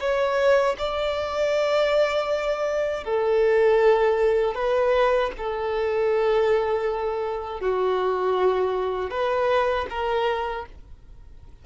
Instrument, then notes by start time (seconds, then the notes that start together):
violin
0.00 C#5
0.78 D5
3.04 A4
4.55 B4
5.37 A4
7.61 F#4
9.10 B4
9.89 A#4